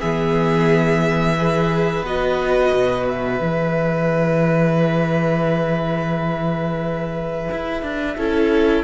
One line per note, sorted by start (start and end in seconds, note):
0.00 2.03 E3
0.00 1.37 B3
0.00 1.36 G#4
0.00 2.06 E5
1.38 2.06 G#4
1.38 8.17 B4
2.03 2.71 B3
2.03 3.41 F#4
2.03 3.08 D#5
2.73 3.41 B2
3.08 8.85 E5
3.41 7.50 E3
3.41 8.19 G#4
7.52 7.83 E4
7.83 8.17 D4
8.17 8.85 C#4
8.17 8.85 E4
8.17 8.85 A4